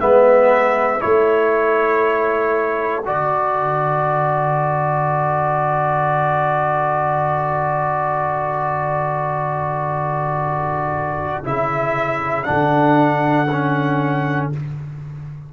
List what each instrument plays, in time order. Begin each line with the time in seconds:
0.00 tuba G#3, trombone B3, horn B4, trumpet E5
0.99 tuba A3, trombone E4, horn A4, trumpet C#5
3.05 tuba D3, trombone F#4, trumpet D5
11.45 tuba C#3, trombone E4, trumpet E5
12.44 tuba D3, trombone D4, trumpet F#5
13.51 trombone C#4